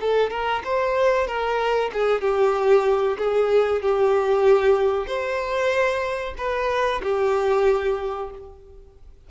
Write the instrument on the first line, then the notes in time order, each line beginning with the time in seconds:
violin
0.00 A4
0.30 A#4
0.64 C5
1.27 A#4
1.93 G#4
2.21 G4
3.18 G#4
3.82 G4
5.06 C5
6.37 B4
7.02 G4